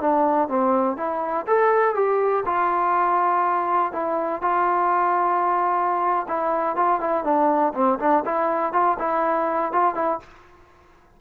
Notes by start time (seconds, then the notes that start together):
0.00 D4
0.48 C4
0.97 E4
1.47 A4
1.94 G4
2.45 F4
3.92 E4
4.42 F4
6.28 E4
6.76 F4
7.00 E4
7.24 D4
7.74 C4
7.99 D4
8.25 E4
8.73 F4
8.98 E4
9.72 F4
9.95 E4